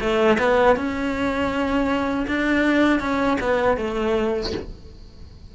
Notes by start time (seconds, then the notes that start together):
0.00 A3
0.38 B3
0.76 C#4
2.27 D4
2.99 C#4
3.40 B3
3.77 A3